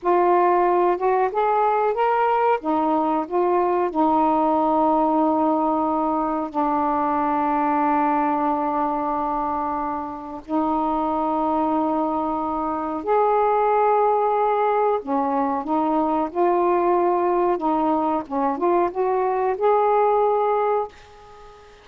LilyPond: \new Staff \with { instrumentName = "saxophone" } { \time 4/4 \tempo 4 = 92 f'4. fis'8 gis'4 ais'4 | dis'4 f'4 dis'2~ | dis'2 d'2~ | d'1 |
dis'1 | gis'2. cis'4 | dis'4 f'2 dis'4 | cis'8 f'8 fis'4 gis'2 | }